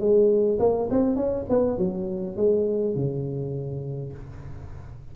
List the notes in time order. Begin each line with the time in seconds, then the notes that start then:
0.00 G#3
0.59 A#3
0.91 C4
1.16 C#4
1.49 B3
1.78 F#3
2.37 G#3
2.95 C#3